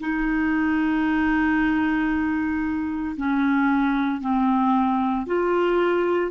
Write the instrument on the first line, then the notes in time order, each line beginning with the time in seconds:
clarinet
0.00 D#4
3.17 C#4
4.21 C4
5.26 F4